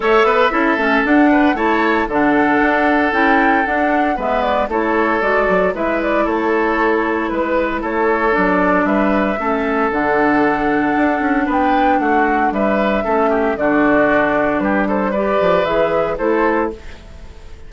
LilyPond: <<
  \new Staff \with { instrumentName = "flute" } { \time 4/4 \tempo 4 = 115 e''2 fis''4 a''4 | fis''2 g''4 fis''4 | e''8 d''8 cis''4 d''4 e''8 d''8 | cis''2 b'4 cis''4 |
d''4 e''2 fis''4~ | fis''2 g''4 fis''4 | e''2 d''2 | b'8 c''8 d''4 e''4 c''4 | }
  \new Staff \with { instrumentName = "oboe" } { \time 4/4 cis''8 b'8 a'4. b'8 cis''4 | a'1 | b'4 a'2 b'4 | a'2 b'4 a'4~ |
a'4 b'4 a'2~ | a'2 b'4 fis'4 | b'4 a'8 g'8 fis'2 | g'8 a'8 b'2 a'4 | }
  \new Staff \with { instrumentName = "clarinet" } { \time 4/4 a'4 e'8 cis'8 d'4 e'4 | d'2 e'4 d'4 | b4 e'4 fis'4 e'4~ | e'1 |
d'2 cis'4 d'4~ | d'1~ | d'4 cis'4 d'2~ | d'4 g'4 gis'4 e'4 | }
  \new Staff \with { instrumentName = "bassoon" } { \time 4/4 a8 b8 cis'8 a8 d'4 a4 | d4 d'4 cis'4 d'4 | gis4 a4 gis8 fis8 gis4 | a2 gis4 a4 |
fis4 g4 a4 d4~ | d4 d'8 cis'8 b4 a4 | g4 a4 d2 | g4. f8 e4 a4 | }
>>